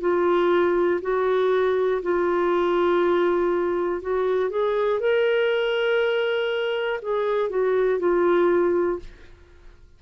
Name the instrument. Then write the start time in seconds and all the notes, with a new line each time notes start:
clarinet
0.00 F4
1.01 F#4
2.02 F4
4.01 F#4
4.50 G#4
5.00 A#4
7.02 G#4
7.49 F#4
7.99 F4